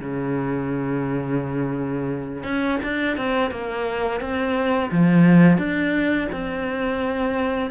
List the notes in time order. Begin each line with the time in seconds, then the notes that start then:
0.00 C#3
2.44 C#4
2.83 D4
3.17 C4
3.51 A#3
4.21 C4
4.91 F3
5.58 D4
6.32 C4